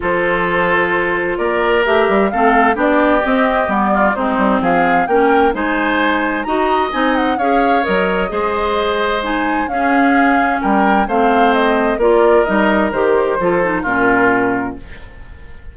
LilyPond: <<
  \new Staff \with { instrumentName = "flute" } { \time 4/4 \tempo 4 = 130 c''2. d''4 | e''4 f''4 d''4 dis''4 | d''4 c''4 f''4 g''4 | gis''2 ais''4 gis''8 fis''8 |
f''4 dis''2. | gis''4 f''2 g''4 | f''4 dis''4 d''4 dis''4 | c''2 ais'2 | }
  \new Staff \with { instrumentName = "oboe" } { \time 4/4 a'2. ais'4~ | ais'4 a'4 g'2~ | g'8 f'8 dis'4 gis'4 ais'4 | c''2 dis''2 |
cis''2 c''2~ | c''4 gis'2 ais'4 | c''2 ais'2~ | ais'4 a'4 f'2 | }
  \new Staff \with { instrumentName = "clarinet" } { \time 4/4 f'1 | g'4 c'4 d'4 c'4 | b4 c'2 cis'4 | dis'2 fis'4 dis'4 |
gis'4 ais'4 gis'2 | dis'4 cis'2. | c'2 f'4 dis'4 | g'4 f'8 dis'8 cis'2 | }
  \new Staff \with { instrumentName = "bassoon" } { \time 4/4 f2. ais4 | a8 g8 a4 b4 c'4 | g4 gis8 g8 f4 ais4 | gis2 dis'4 c'4 |
cis'4 fis4 gis2~ | gis4 cis'2 g4 | a2 ais4 g4 | dis4 f4 ais,2 | }
>>